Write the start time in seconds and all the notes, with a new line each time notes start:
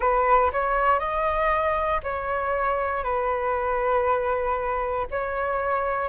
0.00 B4
0.52 C#5
0.99 D#5
2.03 C#5
3.03 B4
5.10 C#5